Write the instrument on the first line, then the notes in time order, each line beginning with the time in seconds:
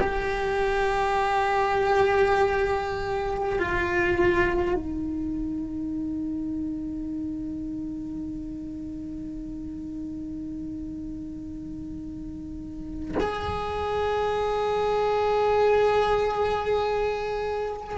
cello
0.00 G4
3.59 F4
4.75 D#4
13.21 G#4